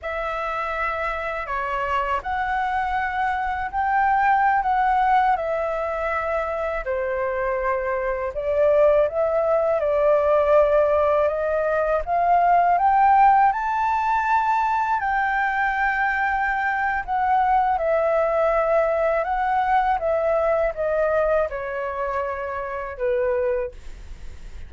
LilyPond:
\new Staff \with { instrumentName = "flute" } { \time 4/4 \tempo 4 = 81 e''2 cis''4 fis''4~ | fis''4 g''4~ g''16 fis''4 e''8.~ | e''4~ e''16 c''2 d''8.~ | d''16 e''4 d''2 dis''8.~ |
dis''16 f''4 g''4 a''4.~ a''16~ | a''16 g''2~ g''8. fis''4 | e''2 fis''4 e''4 | dis''4 cis''2 b'4 | }